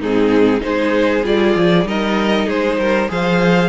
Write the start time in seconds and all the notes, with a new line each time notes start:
0.00 G#2 C4 D#4 G#4
0.61 G#3 D#4 G#4 C5
1.23 G3 F4 D5
1.55 F3
1.85 G3 D#4 A#4 D#5
2.46 G#3 G#4 C5
2.77 G3 A#4
3.08 F3 G#4 C5 F5